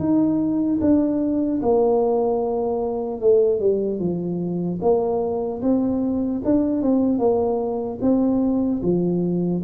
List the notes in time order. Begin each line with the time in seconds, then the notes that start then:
0.00 D#4
0.81 D4
1.63 A#3
3.21 A3
3.60 G3
4.00 F3
4.82 A#3
5.62 C4
6.45 D4
6.83 C4
7.19 A#3
8.02 C4
8.83 F3